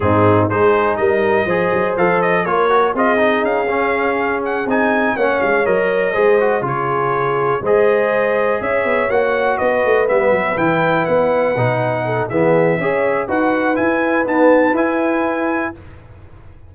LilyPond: <<
  \new Staff \with { instrumentName = "trumpet" } { \time 4/4 \tempo 4 = 122 gis'4 c''4 dis''2 | f''8 dis''8 cis''4 dis''4 f''4~ | f''4 fis''8 gis''4 fis''8 f''8 dis''8~ | dis''4. cis''2 dis''8~ |
dis''4. e''4 fis''4 dis''8~ | dis''8 e''4 g''4 fis''4.~ | fis''4 e''2 fis''4 | gis''4 a''4 gis''2 | }
  \new Staff \with { instrumentName = "horn" } { \time 4/4 dis'4 gis'4 ais'4 c''4~ | c''4 ais'4 gis'2~ | gis'2~ gis'8 cis''4.~ | cis''8 c''4 gis'2 c''8~ |
c''4. cis''2 b'8~ | b'1~ | b'8 a'8 gis'4 cis''4 b'4~ | b'1 | }
  \new Staff \with { instrumentName = "trombone" } { \time 4/4 c'4 dis'2 gis'4 | a'4 f'8 fis'8 f'8 dis'4 cis'8~ | cis'4. dis'4 cis'4 ais'8~ | ais'8 gis'8 fis'8 f'2 gis'8~ |
gis'2~ gis'8 fis'4.~ | fis'8 b4 e'2 dis'8~ | dis'4 b4 gis'4 fis'4 | e'4 b4 e'2 | }
  \new Staff \with { instrumentName = "tuba" } { \time 4/4 gis,4 gis4 g4 f8 fis8 | f4 ais4 c'4 cis'4~ | cis'4. c'4 ais8 gis8 fis8~ | fis8 gis4 cis2 gis8~ |
gis4. cis'8 b8 ais4 b8 | a8 g8 fis8 e4 b4 b,8~ | b,4 e4 cis'4 dis'4 | e'4 dis'4 e'2 | }
>>